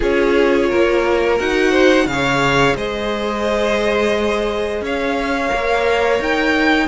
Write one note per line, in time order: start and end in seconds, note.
0.00 0.72 C#4
0.00 1.37 F4
0.00 0.69 G#4
0.00 1.39 C#5
0.69 1.40 A#3
0.69 1.71 A#4
1.37 2.05 D#4
1.37 2.06 F#4
1.37 2.07 F#5
1.71 2.05 C5
2.05 2.74 C#3
2.05 5.47 G#4
2.05 2.76 F5
2.12 2.76 C#5
2.75 4.81 G#3
2.75 4.83 C5
2.75 4.84 D#5
4.81 5.50 C#4
4.81 6.87 C#5
4.81 6.22 F5
5.47 6.19 A#3
5.47 6.85 A#4
6.19 6.87 D#4
6.19 6.87 G5